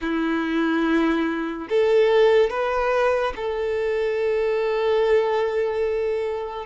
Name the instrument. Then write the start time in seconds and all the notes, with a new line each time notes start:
violin
0.01 E4
1.69 A4
2.50 B4
3.35 A4